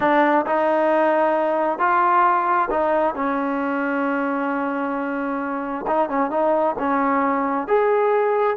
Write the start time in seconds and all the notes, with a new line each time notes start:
0.00 D4
0.46 D#4
1.78 F4
2.70 D#4
3.15 C#4
5.87 D#4
6.09 C#4
6.30 D#4
6.79 C#4
7.67 G#4